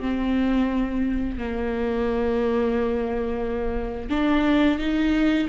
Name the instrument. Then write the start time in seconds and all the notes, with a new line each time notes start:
viola
0.00 C4
1.37 A#3
4.10 D4
4.79 D#4